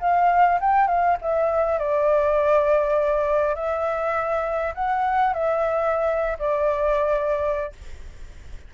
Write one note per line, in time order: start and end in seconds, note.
0.00 0.59 F5
0.60 0.87 G5
0.87 1.17 F5
1.21 1.78 E5
1.78 3.55 D5
3.55 4.74 E5
4.74 5.33 F#5
5.33 6.37 E5
6.39 7.73 D5